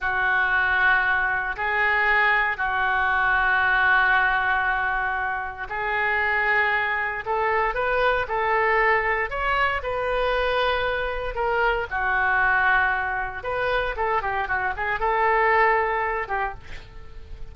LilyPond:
\new Staff \with { instrumentName = "oboe" } { \time 4/4 \tempo 4 = 116 fis'2. gis'4~ | gis'4 fis'2.~ | fis'2. gis'4~ | gis'2 a'4 b'4 |
a'2 cis''4 b'4~ | b'2 ais'4 fis'4~ | fis'2 b'4 a'8 g'8 | fis'8 gis'8 a'2~ a'8 g'8 | }